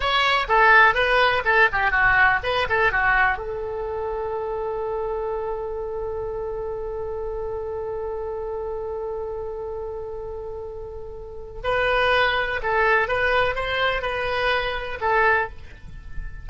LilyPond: \new Staff \with { instrumentName = "oboe" } { \time 4/4 \tempo 4 = 124 cis''4 a'4 b'4 a'8 g'8 | fis'4 b'8 a'8 fis'4 a'4~ | a'1~ | a'1~ |
a'1~ | a'1 | b'2 a'4 b'4 | c''4 b'2 a'4 | }